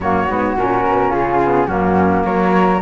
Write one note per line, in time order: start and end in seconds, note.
0.00 0.27 F#2
0.00 0.29 A#3
0.00 1.09 F#4
0.00 0.56 C#5
0.29 0.56 G#2
0.29 0.57 B3
0.56 0.84 A#2
0.56 1.41 C#4
0.56 1.11 A#4
0.86 1.12 B2
1.09 1.67 C#3
1.09 1.65 F4
1.09 1.66 G#4
1.42 1.68 B3
1.66 2.23 F#2
1.66 2.80 A#3
1.66 2.24 C#4
1.66 2.23 F#4
2.24 2.81 F#3
2.24 2.81 A#4
2.24 2.80 C#5